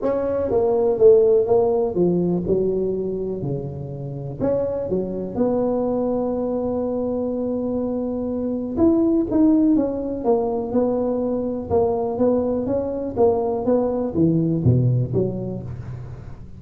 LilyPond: \new Staff \with { instrumentName = "tuba" } { \time 4/4 \tempo 4 = 123 cis'4 ais4 a4 ais4 | f4 fis2 cis4~ | cis4 cis'4 fis4 b4~ | b1~ |
b2 e'4 dis'4 | cis'4 ais4 b2 | ais4 b4 cis'4 ais4 | b4 e4 b,4 fis4 | }